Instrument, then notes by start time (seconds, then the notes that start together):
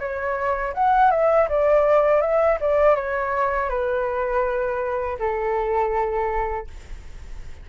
flute
0.00 C#5
0.74 F#5
1.11 E5
1.49 D5
2.22 E5
2.61 D5
2.96 C#5
3.70 B4
5.19 A4